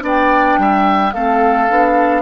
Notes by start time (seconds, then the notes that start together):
0.00 B3 D4 D5
0.07 G5
0.58 G3 E5
1.13 A3 C4 A4 F5
1.69 B3 D4